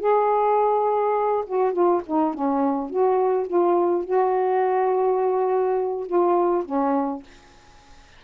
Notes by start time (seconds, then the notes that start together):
0.00 G#4
1.47 F#4
1.73 F4
2.06 D#4
2.34 C#4
2.90 F#4
3.47 F4
4.04 F#4
6.06 F4
6.65 C#4